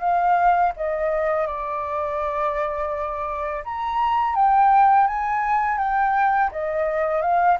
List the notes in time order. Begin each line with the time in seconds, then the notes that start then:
0.00 F5
0.76 D#5
1.47 D5
3.64 A#5
4.35 G5
5.07 G#5
5.78 G5
6.52 D#5
7.22 F5